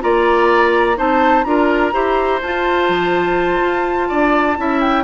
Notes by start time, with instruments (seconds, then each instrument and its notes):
0.00 bassoon A#3, clarinet F4, oboe D5, flute A#5
0.95 bassoon C4, clarinet D#4, oboe C5, flute A5
1.44 bassoon D4, clarinet F4, oboe A#4, flute A#5
1.92 bassoon E4, clarinet G4, oboe C5
2.42 bassoon F4, clarinet F4, flute A5
2.89 bassoon F3
3.61 bassoon F4
4.08 bassoon D4, oboe D5
4.57 bassoon C#4, clarinet E4, oboe E5
4.81 flute G5